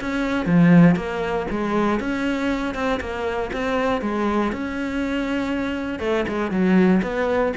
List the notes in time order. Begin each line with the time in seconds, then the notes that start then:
0.00 C#4
0.46 F3
0.95 A#3
1.50 G#3
2.00 C#4
2.74 C4
3.00 A#3
3.52 C4
4.01 G#3
4.52 C#4
5.99 A3
6.28 G#3
6.51 F#3
7.02 B3